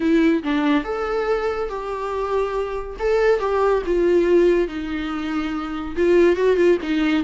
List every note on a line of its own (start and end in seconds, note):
0.00 0.43 E4
0.43 0.84 D4
0.84 1.69 A4
1.69 2.97 G4
2.99 3.39 A4
3.39 3.82 G4
3.85 4.68 F4
4.68 5.95 D#4
5.96 6.35 F4
6.35 6.56 F#4
6.56 6.77 F4
6.82 7.24 D#4